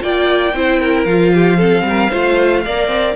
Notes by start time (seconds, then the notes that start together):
0.00 A#3 F4 D5 G5
0.54 C4 E4 C5
0.79 A#4
1.05 F3 F4 F5
1.34 G4
1.57 C4 A4
1.82 G3
1.89 A#4
2.10 A3 F4 C5
2.65 A#3 A#4 D5
2.87 C4